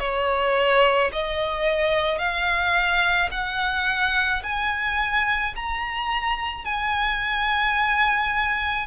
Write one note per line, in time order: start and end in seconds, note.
0.00 1.11 C#5
1.13 2.19 D#5
2.19 3.30 F5
3.32 4.43 F#5
4.44 5.55 G#5
5.56 6.65 A#5
6.65 8.87 G#5